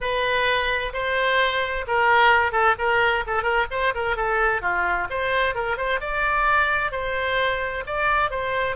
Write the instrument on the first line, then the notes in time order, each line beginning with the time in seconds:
oboe
0.00 B4
0.93 C5
1.87 A#4
2.52 A4
2.78 A#4
3.26 A4
3.42 A#4
3.70 C5
3.94 A#4
4.16 A4
4.61 F4
5.10 C5
5.54 A#4
5.77 C5
6.00 D5
6.91 C5
7.86 D5
8.30 C5